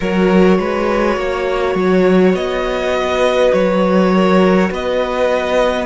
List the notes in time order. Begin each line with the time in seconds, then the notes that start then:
0.00 F#3 F#4 A#4 C#5
0.59 G#3 B4
1.16 A#3 C#5
1.75 F#3
2.34 B3 D#5
2.96 B4
3.52 F#3 C#5
4.13 A#4
4.70 B3 B4 D#5